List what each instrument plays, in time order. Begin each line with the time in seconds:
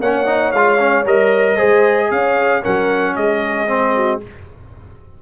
0.00 tuba A#3, trombone C#4, horn C#5, trumpet F#5
0.26 trombone D#4
0.51 tuba G#3, trombone F4, trumpet F5
0.79 trombone C#4
1.05 tuba G3, trombone A#4, trumpet D#5
1.57 tuba G#3, trombone G#4, horn C5
2.11 tuba C#4, horn C#5, trumpet F5
2.62 tuba F#3, trombone C#4, horn A#4, trumpet F#5
3.16 tuba G#3, horn G#4, trumpet D#5
3.67 trombone C4
3.96 horn F#4